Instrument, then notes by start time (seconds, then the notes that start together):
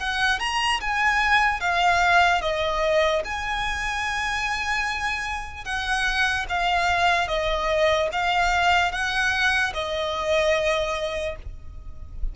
violin
0.00 F#5
0.40 A#5
0.81 G#5
1.61 F5
2.42 D#5
3.25 G#5
5.65 F#5
6.49 F5
7.28 D#5
8.12 F5
8.92 F#5
9.74 D#5